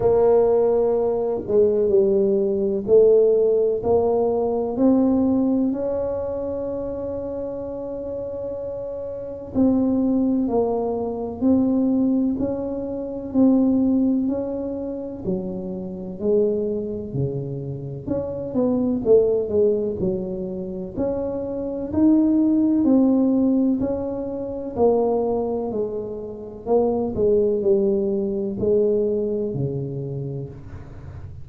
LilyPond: \new Staff \with { instrumentName = "tuba" } { \time 4/4 \tempo 4 = 63 ais4. gis8 g4 a4 | ais4 c'4 cis'2~ | cis'2 c'4 ais4 | c'4 cis'4 c'4 cis'4 |
fis4 gis4 cis4 cis'8 b8 | a8 gis8 fis4 cis'4 dis'4 | c'4 cis'4 ais4 gis4 | ais8 gis8 g4 gis4 cis4 | }